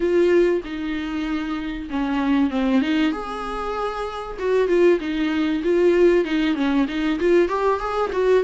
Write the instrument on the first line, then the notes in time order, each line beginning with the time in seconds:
viola
0.00 F4
0.64 D#4
1.89 C#4
2.50 C4
2.81 D#4
3.12 G#4
4.39 F#4
4.68 F4
5.00 D#4
5.63 F4
6.24 D#4
6.55 C#4
6.88 D#4
7.19 F4
7.48 G4
7.79 G#4
8.12 F#4